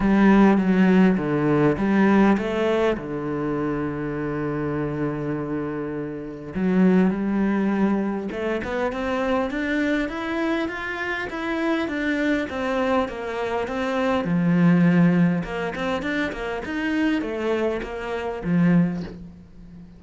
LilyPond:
\new Staff \with { instrumentName = "cello" } { \time 4/4 \tempo 4 = 101 g4 fis4 d4 g4 | a4 d2.~ | d2. fis4 | g2 a8 b8 c'4 |
d'4 e'4 f'4 e'4 | d'4 c'4 ais4 c'4 | f2 ais8 c'8 d'8 ais8 | dis'4 a4 ais4 f4 | }